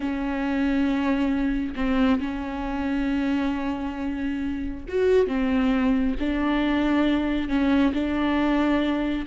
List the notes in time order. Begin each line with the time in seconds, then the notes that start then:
0.00 C#4
1.75 C4
2.20 C#4
4.88 F#4
5.27 C4
6.19 D4
7.48 C#4
7.93 D4